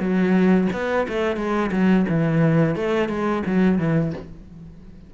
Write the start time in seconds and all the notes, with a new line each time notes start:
0.00 F#3
0.73 B3
1.09 A3
1.37 G#3
1.72 F#3
2.10 E3
2.76 A3
3.09 G#3
3.46 F#3
3.79 E3